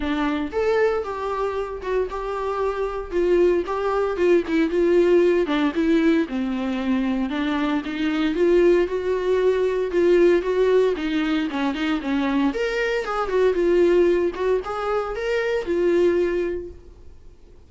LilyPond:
\new Staff \with { instrumentName = "viola" } { \time 4/4 \tempo 4 = 115 d'4 a'4 g'4. fis'8 | g'2 f'4 g'4 | f'8 e'8 f'4. d'8 e'4 | c'2 d'4 dis'4 |
f'4 fis'2 f'4 | fis'4 dis'4 cis'8 dis'8 cis'4 | ais'4 gis'8 fis'8 f'4. fis'8 | gis'4 ais'4 f'2 | }